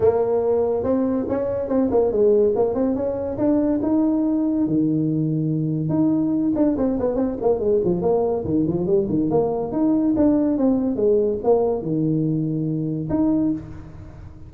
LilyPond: \new Staff \with { instrumentName = "tuba" } { \time 4/4 \tempo 4 = 142 ais2 c'4 cis'4 | c'8 ais8 gis4 ais8 c'8 cis'4 | d'4 dis'2 dis4~ | dis2 dis'4. d'8 |
c'8 b8 c'8 ais8 gis8 f8 ais4 | dis8 f8 g8 dis8 ais4 dis'4 | d'4 c'4 gis4 ais4 | dis2. dis'4 | }